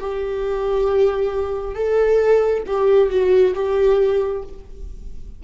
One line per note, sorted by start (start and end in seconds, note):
0.00 1.75 G4
1.75 2.63 A4
2.66 3.10 G4
3.10 3.54 F#4
3.55 4.43 G4